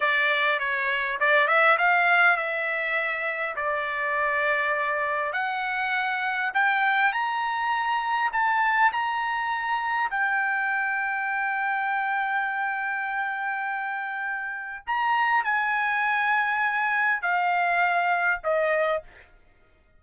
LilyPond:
\new Staff \with { instrumentName = "trumpet" } { \time 4/4 \tempo 4 = 101 d''4 cis''4 d''8 e''8 f''4 | e''2 d''2~ | d''4 fis''2 g''4 | ais''2 a''4 ais''4~ |
ais''4 g''2.~ | g''1~ | g''4 ais''4 gis''2~ | gis''4 f''2 dis''4 | }